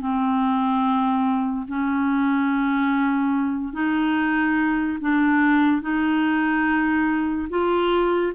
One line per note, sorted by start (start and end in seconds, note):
0.00 1.67 C4
1.69 3.73 C#4
3.73 4.98 D#4
5.01 5.82 D4
5.82 7.48 D#4
7.50 8.33 F4